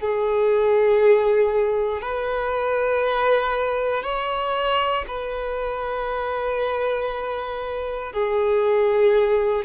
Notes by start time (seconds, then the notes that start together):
0.00 G#4
2.02 B4
4.04 C#5
5.08 B4
8.13 G#4